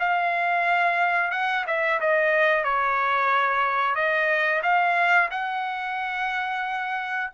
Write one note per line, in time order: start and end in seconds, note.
0.00 1.32 F5
1.32 1.65 F#5
1.67 2.01 E5
2.01 2.64 D#5
2.64 3.95 C#5
3.95 4.62 D#5
4.63 5.30 F5
5.31 7.31 F#5